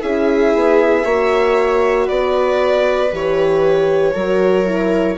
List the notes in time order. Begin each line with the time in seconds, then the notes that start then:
0.00 C#4 E4 G#4 E5
0.54 B3
1.04 A#3 F#4 C#5
2.05 B3 B4 D5
3.11 E3 G4 C#5
4.13 F#3 F#4 A#4
4.65 E4